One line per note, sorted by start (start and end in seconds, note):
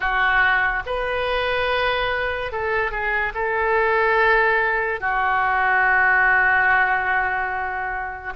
0.00 0.83 F#4
0.86 2.52 B4
2.52 2.91 A4
2.91 3.33 G#4
3.34 5.00 A4
5.00 8.33 F#4